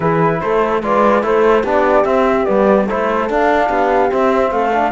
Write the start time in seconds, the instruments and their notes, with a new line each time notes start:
0.00 cello E3, trombone E4, horn G#4, flute B4
0.40 cello A3, horn A4, flute C5
0.82 cello G#3, trombone F4, horn B4, flute D5
1.21 cello A3, trombone E4, horn A4, flute C5
1.62 cello B3, trombone D4, horn G4, flute D5
2.04 cello C4, trombone C4, flute E5
2.45 cello G3, trombone B3, flute D5
2.85 cello A3, trombone E4, horn A4, flute C5
3.29 trombone D4, cello D4, flute F5
3.68 cello B3, horn G4
4.10 trombone C4, cello C4, flute E5
4.51 cello A3, horn A4, flute F5
4.72 trombone D4